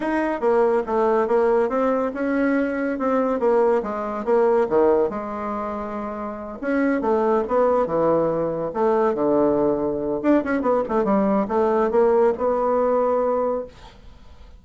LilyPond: \new Staff \with { instrumentName = "bassoon" } { \time 4/4 \tempo 4 = 141 dis'4 ais4 a4 ais4 | c'4 cis'2 c'4 | ais4 gis4 ais4 dis4 | gis2.~ gis8 cis'8~ |
cis'8 a4 b4 e4.~ | e8 a4 d2~ d8 | d'8 cis'8 b8 a8 g4 a4 | ais4 b2. | }